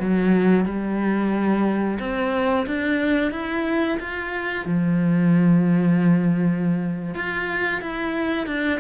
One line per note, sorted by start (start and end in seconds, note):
0.00 0.65 F#3
0.65 1.99 G3
2.00 2.66 C4
2.67 3.32 D4
3.32 3.98 E4
4.00 4.66 F4
4.66 7.15 F3
7.15 7.82 F4
7.82 8.47 E4
8.47 8.80 D4